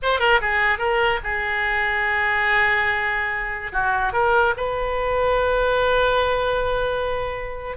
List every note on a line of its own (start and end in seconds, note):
0.02 0.19 C5
0.19 0.40 A#4
0.41 0.78 G#4
0.78 1.19 A#4
1.23 3.71 G#4
3.72 4.13 F#4
4.13 4.54 A#4
4.56 7.77 B4